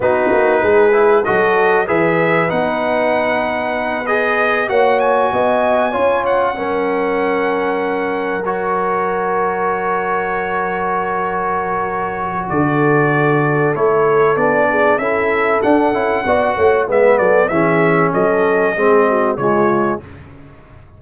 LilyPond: <<
  \new Staff \with { instrumentName = "trumpet" } { \time 4/4 \tempo 4 = 96 b'2 dis''4 e''4 | fis''2~ fis''8 dis''4 fis''8 | gis''2 fis''2~ | fis''4. cis''2~ cis''8~ |
cis''1 | d''2 cis''4 d''4 | e''4 fis''2 e''8 d''8 | e''4 dis''2 cis''4 | }
  \new Staff \with { instrumentName = "horn" } { \time 4/4 fis'4 gis'4 a'4 b'4~ | b'2.~ b'8 cis''8~ | cis''8 dis''4 cis''4 ais'4.~ | ais'1~ |
ais'1 | a'2.~ a'8 gis'8 | a'2 d''8 cis''8 b'8 a'8 | gis'4 a'4 gis'8 fis'8 f'4 | }
  \new Staff \with { instrumentName = "trombone" } { \time 4/4 dis'4. e'8 fis'4 gis'4 | dis'2~ dis'8 gis'4 fis'8~ | fis'4. f'4 cis'4.~ | cis'4. fis'2~ fis'8~ |
fis'1~ | fis'2 e'4 d'4 | e'4 d'8 e'8 fis'4 b4 | cis'2 c'4 gis4 | }
  \new Staff \with { instrumentName = "tuba" } { \time 4/4 b8 ais8 gis4 fis4 e4 | b2.~ b8 ais8~ | ais8 b4 cis'4 fis4.~ | fis1~ |
fis1 | d2 a4 b4 | cis'4 d'8 cis'8 b8 a8 gis8 fis8 | e4 fis4 gis4 cis4 | }
>>